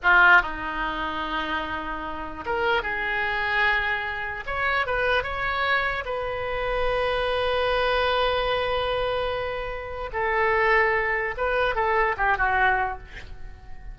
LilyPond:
\new Staff \with { instrumentName = "oboe" } { \time 4/4 \tempo 4 = 148 f'4 dis'2.~ | dis'2 ais'4 gis'4~ | gis'2. cis''4 | b'4 cis''2 b'4~ |
b'1~ | b'1~ | b'4 a'2. | b'4 a'4 g'8 fis'4. | }